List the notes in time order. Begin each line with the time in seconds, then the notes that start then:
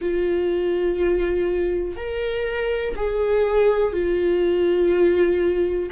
0.00 F4
1.96 A#4
2.96 G#4
3.93 F4